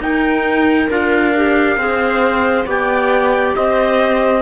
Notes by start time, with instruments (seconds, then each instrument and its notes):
0.00 cello D#4, clarinet D#4, viola A#4, trumpet G5
0.90 cello D4, clarinet F4, trumpet F5
1.36 clarinet G4
1.76 cello C4, clarinet G#4, viola C5
2.66 cello B3, clarinet G4, viola D5, trumpet G5
3.56 cello C4, viola C5, trumpet D#5